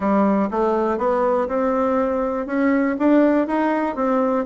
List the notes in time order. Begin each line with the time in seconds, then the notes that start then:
0.00 G3
0.50 A3
0.97 B3
1.47 C4
2.46 C#4
2.99 D4
3.47 D#4
3.95 C4